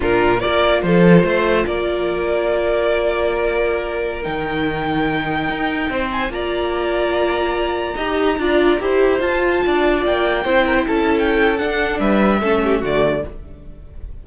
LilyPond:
<<
  \new Staff \with { instrumentName = "violin" } { \time 4/4 \tempo 4 = 145 ais'4 d''4 c''2 | d''1~ | d''2~ d''16 g''4.~ g''16~ | g''2~ g''8. gis''8 ais''8.~ |
ais''1~ | ais''2~ ais''16 a''4.~ a''16~ | a''16 g''2 a''8. g''4 | fis''4 e''2 d''4 | }
  \new Staff \with { instrumentName = "violin" } { \time 4/4 f'4 ais'4 a'4 c''4 | ais'1~ | ais'1~ | ais'2~ ais'16 c''4 d''8.~ |
d''2.~ d''16 dis''8.~ | dis''16 d''4 c''2 d''8.~ | d''4~ d''16 c''8 ais'16 c''16 a'4.~ a'16~ | a'4 b'4 a'8 g'8 fis'4 | }
  \new Staff \with { instrumentName = "viola" } { \time 4/4 d'4 f'2.~ | f'1~ | f'2~ f'16 dis'4.~ dis'16~ | dis'2.~ dis'16 f'8.~ |
f'2.~ f'16 g'8.~ | g'16 f'4 g'4 f'4.~ f'16~ | f'4~ f'16 e'2~ e'8. | d'2 cis'4 a4 | }
  \new Staff \with { instrumentName = "cello" } { \time 4/4 ais,4 ais4 f4 a4 | ais1~ | ais2~ ais16 dis4.~ dis16~ | dis4~ dis16 dis'4 c'4 ais8.~ |
ais2.~ ais16 dis'8.~ | dis'16 d'4 e'4 f'4 d'8.~ | d'16 ais4 c'4 cis'4.~ cis'16 | d'4 g4 a4 d4 | }
>>